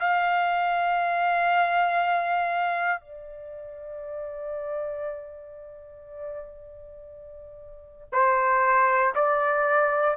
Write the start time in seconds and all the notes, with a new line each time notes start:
0.00 F5
3.01 D5
8.13 C5
9.16 D5